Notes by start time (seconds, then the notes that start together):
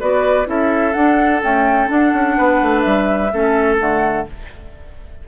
0.00 B3 F#4 B4 D5
0.45 C#4 E4 A4 E5
0.93 D4 F#5
1.42 A3 C#4 G5
1.87 D4 F#5
2.13 C#4
2.37 B3 B4
2.62 A3
2.81 G3 E5
3.32 A3 C#4 A4
3.79 D3 A3 F#5